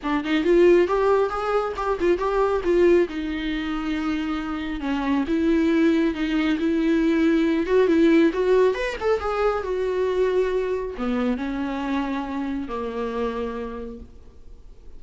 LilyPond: \new Staff \with { instrumentName = "viola" } { \time 4/4 \tempo 4 = 137 d'8 dis'8 f'4 g'4 gis'4 | g'8 f'8 g'4 f'4 dis'4~ | dis'2. cis'4 | e'2 dis'4 e'4~ |
e'4. fis'8 e'4 fis'4 | b'8 a'8 gis'4 fis'2~ | fis'4 b4 cis'2~ | cis'4 ais2. | }